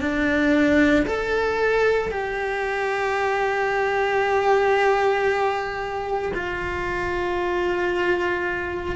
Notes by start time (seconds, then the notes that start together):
0.00 D4
1.05 A4
2.11 G4
6.33 F4